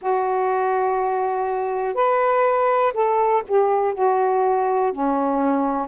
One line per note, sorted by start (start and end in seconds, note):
0.01 1.94 F#4
1.94 2.92 B4
2.93 3.42 A4
3.47 3.93 G4
3.93 4.92 F#4
4.92 5.87 C#4